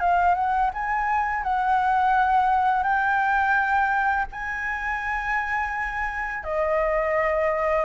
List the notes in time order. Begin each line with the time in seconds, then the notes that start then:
0.00 F5
0.35 F#5
0.74 G#5
1.43 F#5
2.83 G5
4.32 G#5
6.44 D#5